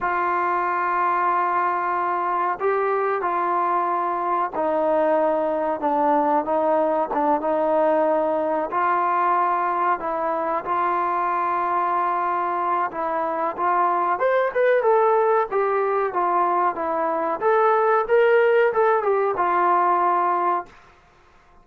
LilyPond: \new Staff \with { instrumentName = "trombone" } { \time 4/4 \tempo 4 = 93 f'1 | g'4 f'2 dis'4~ | dis'4 d'4 dis'4 d'8 dis'8~ | dis'4. f'2 e'8~ |
e'8 f'2.~ f'8 | e'4 f'4 c''8 b'8 a'4 | g'4 f'4 e'4 a'4 | ais'4 a'8 g'8 f'2 | }